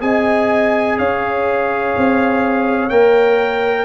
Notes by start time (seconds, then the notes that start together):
0.00 C4 G#4 D#5 G#5
0.98 C#4 C#5 F5
1.97 C4
2.90 A#3 A#4 G5